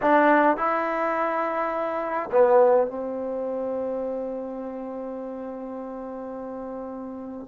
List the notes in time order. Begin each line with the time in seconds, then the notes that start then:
0.02 D4
0.56 E4
2.31 B3
2.87 C4